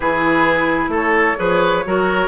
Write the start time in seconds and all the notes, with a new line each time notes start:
0.00 E3 E4 G#4 B4
0.88 A3 A4
0.95 C#5
1.37 F3 G#4 B4
1.85 F#3 F#4 A#4